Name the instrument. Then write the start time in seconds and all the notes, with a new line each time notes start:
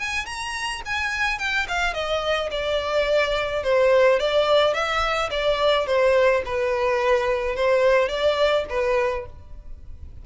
violin
0.00 G#5
0.26 A#5
0.86 G#5
1.39 G5
1.69 F5
1.94 D#5
2.52 D5
3.64 C5
4.20 D5
4.74 E5
5.31 D5
5.87 C5
6.46 B4
7.56 C5
8.09 D5
8.70 B4